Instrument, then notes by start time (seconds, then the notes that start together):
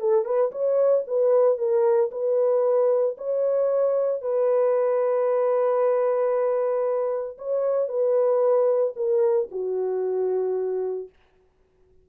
horn
0.00 A4
0.25 B4
0.51 C#5
1.07 B4
1.58 A#4
2.11 B4
3.18 C#5
4.22 B4
7.38 C#5
7.89 B4
8.96 A#4
9.51 F#4